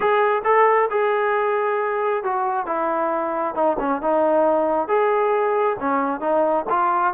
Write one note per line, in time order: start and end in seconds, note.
0.00 0.42 G#4
0.44 0.89 A4
0.90 2.23 G#4
2.23 2.66 F#4
2.66 3.54 E4
3.54 3.77 D#4
3.79 4.01 C#4
4.01 4.87 D#4
4.87 5.76 G#4
5.79 6.20 C#4
6.20 6.65 D#4
6.69 7.14 F4